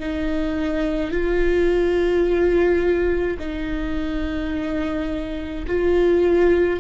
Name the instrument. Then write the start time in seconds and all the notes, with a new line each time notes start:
viola
0.00 D#4
1.11 F4
3.39 D#4
5.67 F4